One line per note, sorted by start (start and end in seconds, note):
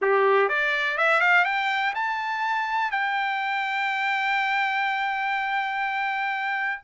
0.01 0.49 G4
0.49 0.97 D5
0.97 1.20 E5
1.20 1.44 F5
1.44 1.93 G5
1.94 2.91 A5
2.91 6.81 G5